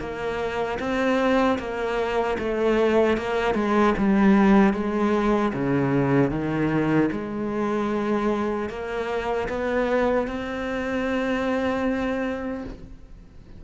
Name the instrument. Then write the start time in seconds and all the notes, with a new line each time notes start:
cello
0.00 A#3
0.80 C4
1.59 A#3
2.39 A3
3.18 A#3
3.55 G#3
3.98 G3
4.74 G#3
5.53 C#3
6.31 D#3
7.12 G#3
8.69 A#3
9.49 B3
10.28 C4